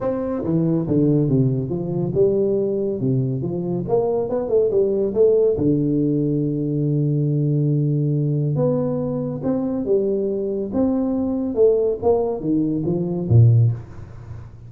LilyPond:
\new Staff \with { instrumentName = "tuba" } { \time 4/4 \tempo 4 = 140 c'4 e4 d4 c4 | f4 g2 c4 | f4 ais4 b8 a8 g4 | a4 d2.~ |
d1 | b2 c'4 g4~ | g4 c'2 a4 | ais4 dis4 f4 ais,4 | }